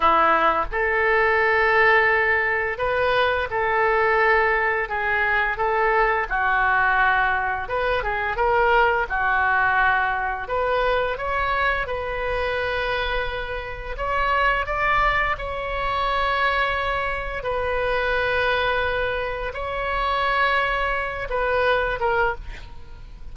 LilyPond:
\new Staff \with { instrumentName = "oboe" } { \time 4/4 \tempo 4 = 86 e'4 a'2. | b'4 a'2 gis'4 | a'4 fis'2 b'8 gis'8 | ais'4 fis'2 b'4 |
cis''4 b'2. | cis''4 d''4 cis''2~ | cis''4 b'2. | cis''2~ cis''8 b'4 ais'8 | }